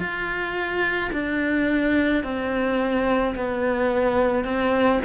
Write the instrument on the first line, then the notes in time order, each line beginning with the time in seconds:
cello
0.00 F4
1.13 D4
2.24 C4
3.35 B3
4.45 C4